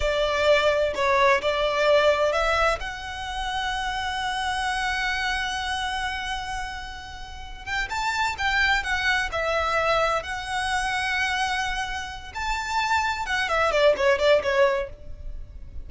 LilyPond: \new Staff \with { instrumentName = "violin" } { \time 4/4 \tempo 4 = 129 d''2 cis''4 d''4~ | d''4 e''4 fis''2~ | fis''1~ | fis''1~ |
fis''8 g''8 a''4 g''4 fis''4 | e''2 fis''2~ | fis''2~ fis''8 a''4.~ | a''8 fis''8 e''8 d''8 cis''8 d''8 cis''4 | }